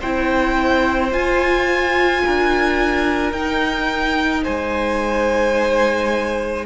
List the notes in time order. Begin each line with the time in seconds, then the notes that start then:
0.00 C4 E4 C5 G5
1.11 F4 G#5
2.25 D4 A#4
3.32 D#4 G5
4.43 G#3 C5 G#5